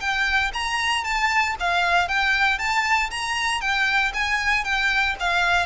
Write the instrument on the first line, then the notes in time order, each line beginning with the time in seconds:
violin
0.00 G5
0.53 A#5
1.04 A5
1.59 F5
2.08 G5
2.59 A5
3.10 A#5
3.61 G5
4.14 G#5
4.64 G5
5.19 F5